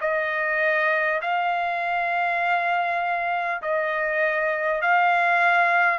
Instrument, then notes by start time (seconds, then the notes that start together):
trumpet
0.00 D#5
1.21 F5
3.62 D#5
4.81 F5